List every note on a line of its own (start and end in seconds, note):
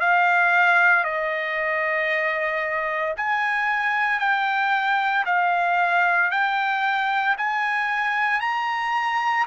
0.00 1.04 F5
1.04 3.14 D#5
3.17 4.20 G#5
4.20 5.25 G5
5.25 6.31 F5
6.31 7.36 G5
7.37 8.41 G#5
8.41 9.46 A#5